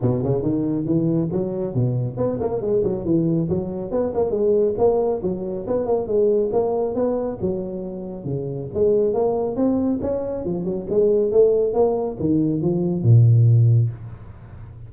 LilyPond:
\new Staff \with { instrumentName = "tuba" } { \time 4/4 \tempo 4 = 138 b,8 cis8 dis4 e4 fis4 | b,4 b8 ais8 gis8 fis8 e4 | fis4 b8 ais8 gis4 ais4 | fis4 b8 ais8 gis4 ais4 |
b4 fis2 cis4 | gis4 ais4 c'4 cis'4 | f8 fis8 gis4 a4 ais4 | dis4 f4 ais,2 | }